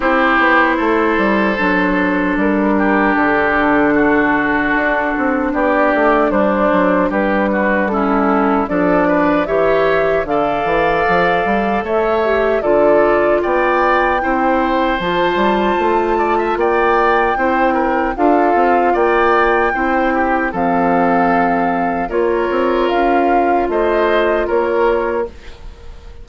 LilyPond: <<
  \new Staff \with { instrumentName = "flute" } { \time 4/4 \tempo 4 = 76 c''2. ais'4 | a'2. d''4 | c''4 b'4 a'4 d''4 | e''4 f''2 e''4 |
d''4 g''2 a''4~ | a''4 g''2 f''4 | g''2 f''2 | cis''4 f''4 dis''4 cis''4 | }
  \new Staff \with { instrumentName = "oboe" } { \time 4/4 g'4 a'2~ a'8 g'8~ | g'4 fis'2 g'4 | d'4 g'8 fis'8 e'4 a'8 b'8 | cis''4 d''2 cis''4 |
a'4 d''4 c''2~ | c''8 d''16 e''16 d''4 c''8 ais'8 a'4 | d''4 c''8 g'8 a'2 | ais'2 c''4 ais'4 | }
  \new Staff \with { instrumentName = "clarinet" } { \time 4/4 e'2 d'2~ | d'1~ | d'2 cis'4 d'4 | g'4 a'2~ a'8 g'8 |
f'2 e'4 f'4~ | f'2 e'4 f'4~ | f'4 e'4 c'2 | f'1 | }
  \new Staff \with { instrumentName = "bassoon" } { \time 4/4 c'8 b8 a8 g8 fis4 g4 | d2 d'8 c'8 b8 a8 | g8 fis8 g2 f4 | e4 d8 e8 f8 g8 a4 |
d4 b4 c'4 f8 g8 | a4 ais4 c'4 d'8 c'8 | ais4 c'4 f2 | ais8 c'8 cis'4 a4 ais4 | }
>>